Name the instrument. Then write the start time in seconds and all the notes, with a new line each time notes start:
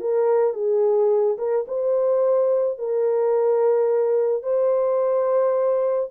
horn
0.00 A#4
0.54 G#4
1.38 A#4
1.67 C5
2.78 A#4
4.43 C5